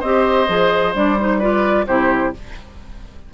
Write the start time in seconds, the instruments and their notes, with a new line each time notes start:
0.00 bassoon C4, clarinet G4, oboe C5, flute D#5
0.48 bassoon F3, clarinet G#4
0.94 bassoon G3, clarinet D4, flute D5
1.19 clarinet D#4, flute C5
1.39 clarinet F4, oboe B4, flute D5
1.87 bassoon C3, clarinet E4, oboe G4, flute C5